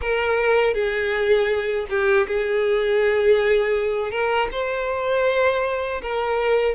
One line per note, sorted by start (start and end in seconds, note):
0.01 0.74 A#4
0.74 1.86 G#4
1.89 2.27 G4
2.27 4.10 G#4
4.10 4.48 A#4
4.51 6.01 C5
6.01 6.75 A#4